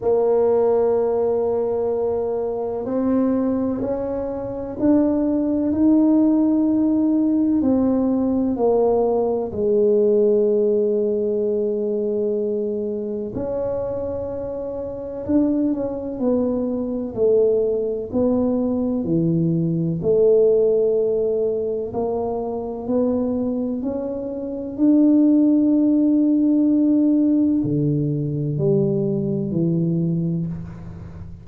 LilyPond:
\new Staff \with { instrumentName = "tuba" } { \time 4/4 \tempo 4 = 63 ais2. c'4 | cis'4 d'4 dis'2 | c'4 ais4 gis2~ | gis2 cis'2 |
d'8 cis'8 b4 a4 b4 | e4 a2 ais4 | b4 cis'4 d'2~ | d'4 d4 g4 e4 | }